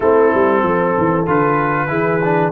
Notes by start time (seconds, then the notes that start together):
0.00 A3 C4 E4 A4
0.34 G3
0.62 F3 A4
0.97 E3
1.26 D3 F4 B4
1.87 E3 E4 G#4
2.23 D4